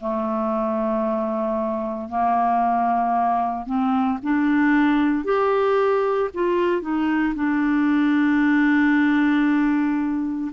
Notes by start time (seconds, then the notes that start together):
0.00 A3
2.09 A#3
3.66 C4
4.22 D4
5.24 G4
6.34 F4
6.81 D#4
7.35 D4